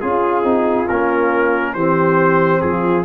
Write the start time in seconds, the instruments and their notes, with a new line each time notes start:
0.00 tuba C#4, horn F4, trombone F4, trumpet G#4
0.44 tuba C4, trombone D#4
0.88 tuba A#3, trombone C#4, trumpet A#4
1.74 tuba E3, trombone C4, horn G4, trumpet C5
2.61 tuba F3, horn F4, trumpet G#4